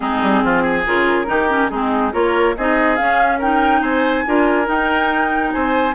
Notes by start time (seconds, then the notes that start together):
0.00 G#3 C4 D#4 G#4
0.22 G3
0.43 F3 F4
0.62 G#4
0.86 C#3 F4 A#4
1.26 D#3 D#4 G4
1.49 C#4
1.70 G#3 C4 D#4 G#4
2.12 A#3 F4 A#4 C#5
2.56 C4 D#4 G#4 D#5
2.96 C#4 F5
3.38 D#4 A#4 G5
3.81 C4 C5 G#5
4.26 D4 F4 A#4
4.65 D#4 G5
5.52 C4 C5 G#5